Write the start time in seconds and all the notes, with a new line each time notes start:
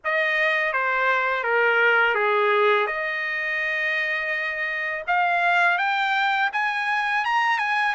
0.04 D#5
0.72 C5
1.43 A#4
2.15 G#4
2.86 D#5
5.07 F5
5.77 G5
6.53 G#5
7.24 A#5
7.58 G#5